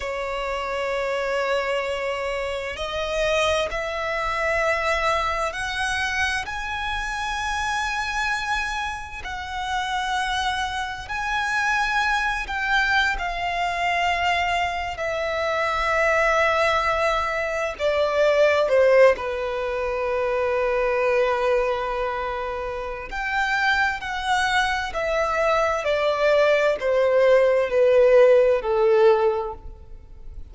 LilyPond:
\new Staff \with { instrumentName = "violin" } { \time 4/4 \tempo 4 = 65 cis''2. dis''4 | e''2 fis''4 gis''4~ | gis''2 fis''2 | gis''4. g''8. f''4.~ f''16~ |
f''16 e''2. d''8.~ | d''16 c''8 b'2.~ b'16~ | b'4 g''4 fis''4 e''4 | d''4 c''4 b'4 a'4 | }